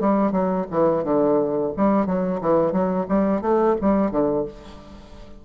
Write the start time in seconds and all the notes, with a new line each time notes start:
0.00 G3
0.32 F#3
0.71 E3
1.04 D3
1.76 G3
2.06 F#3
2.41 E3
2.72 F#3
3.09 G3
3.41 A3
3.81 G3
4.11 D3